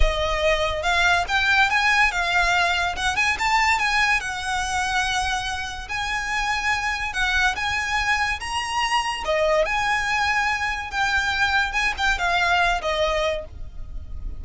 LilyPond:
\new Staff \with { instrumentName = "violin" } { \time 4/4 \tempo 4 = 143 dis''2 f''4 g''4 | gis''4 f''2 fis''8 gis''8 | a''4 gis''4 fis''2~ | fis''2 gis''2~ |
gis''4 fis''4 gis''2 | ais''2 dis''4 gis''4~ | gis''2 g''2 | gis''8 g''8 f''4. dis''4. | }